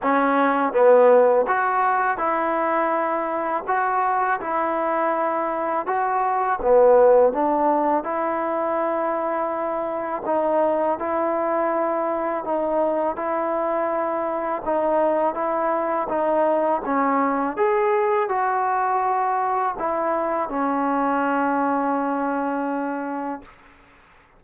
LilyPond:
\new Staff \with { instrumentName = "trombone" } { \time 4/4 \tempo 4 = 82 cis'4 b4 fis'4 e'4~ | e'4 fis'4 e'2 | fis'4 b4 d'4 e'4~ | e'2 dis'4 e'4~ |
e'4 dis'4 e'2 | dis'4 e'4 dis'4 cis'4 | gis'4 fis'2 e'4 | cis'1 | }